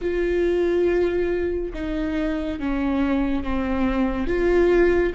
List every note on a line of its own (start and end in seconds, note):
0.01 1.72 F4
1.73 2.59 D#4
2.59 3.43 C#4
3.43 4.27 C4
4.27 5.12 F4